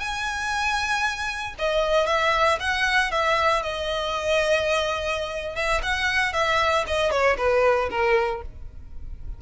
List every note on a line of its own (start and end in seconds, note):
0.00 1.55 G#5
1.59 2.07 D#5
2.07 2.59 E5
2.60 3.12 F#5
3.12 3.63 E5
3.63 5.56 D#5
5.56 5.81 E5
5.83 6.33 F#5
6.33 6.85 E5
6.87 7.11 D#5
7.11 7.37 C#5
7.38 7.90 B4
7.90 8.42 A#4